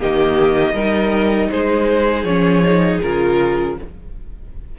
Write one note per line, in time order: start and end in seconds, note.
0.00 0.74 D#3
0.00 0.75 A#3
0.00 0.75 G4
0.00 1.51 D#5
0.74 1.49 G3
0.74 2.27 D#4
0.74 1.50 A#4
1.51 2.24 G#3
1.51 3.76 G#4
1.51 2.24 C5
2.24 2.99 F3
2.24 2.65 C#4
2.24 2.99 C#5
2.65 3.02 D#4
3.03 3.79 C#3
3.03 3.78 F4
3.03 3.78 A#4